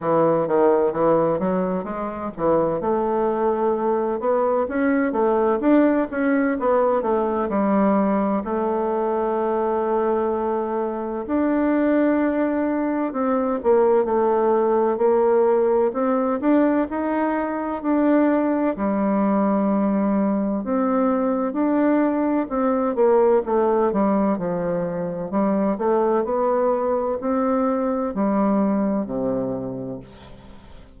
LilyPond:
\new Staff \with { instrumentName = "bassoon" } { \time 4/4 \tempo 4 = 64 e8 dis8 e8 fis8 gis8 e8 a4~ | a8 b8 cis'8 a8 d'8 cis'8 b8 a8 | g4 a2. | d'2 c'8 ais8 a4 |
ais4 c'8 d'8 dis'4 d'4 | g2 c'4 d'4 | c'8 ais8 a8 g8 f4 g8 a8 | b4 c'4 g4 c4 | }